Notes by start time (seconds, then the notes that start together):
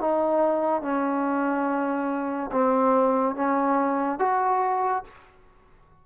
0.00 D#4
0.81 C#4
2.52 C4
3.35 C#4
4.19 F#4